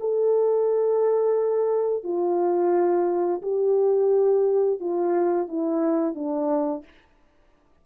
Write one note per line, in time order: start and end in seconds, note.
0.00 2.03 A4
2.03 3.41 F4
3.42 4.80 G4
4.80 5.48 F4
5.48 6.15 E4
6.15 6.84 D4